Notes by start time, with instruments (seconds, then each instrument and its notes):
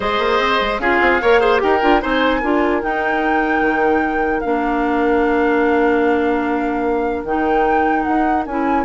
0.00 bassoon G#3, clarinet G#4, oboe C5, flute D#5
0.18 bassoon A#3
0.39 bassoon C4
0.61 bassoon G#3
0.79 bassoon C#4, clarinet F4, oboe G#4, flute F5
1.00 bassoon C4
1.21 bassoon A#3, clarinet A#4, oboe C#5
1.40 clarinet G#4, oboe C5
1.58 bassoon D#4, clarinet G4, oboe A#4, flute G5
1.81 bassoon D4, clarinet F4
2.00 bassoon C4, clarinet D#4, oboe C5, flute G#5
2.40 bassoon D4, clarinet F4, oboe A#4
2.81 clarinet D#4, bassoon D#4, flute G5
3.60 bassoon D#3
4.40 bassoon A#3, clarinet D4, flute F5
7.23 bassoon D#3, clarinet D#4, flute G5
8.02 bassoon D#4, flute F#5
8.46 bassoon C#4, clarinet E4, flute G#5